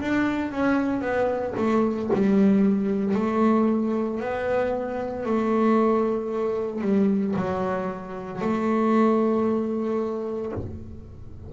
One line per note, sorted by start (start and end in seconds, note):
0.00 0.51 D4
0.51 1.01 C#4
1.01 1.54 B3
1.57 2.10 A3
2.13 3.15 G3
3.15 4.20 A3
4.20 5.25 B3
5.25 6.81 A3
6.81 7.34 G3
7.36 8.41 F#3
8.41 10.52 A3